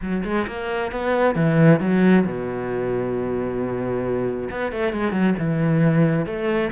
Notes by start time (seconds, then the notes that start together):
0.02 F#3
0.24 G#3
0.47 A#3
0.91 B3
1.35 E3
1.80 F#3
2.25 B2
4.50 B3
4.72 A3
4.93 G#3
5.12 F#3
5.39 E3
6.26 A3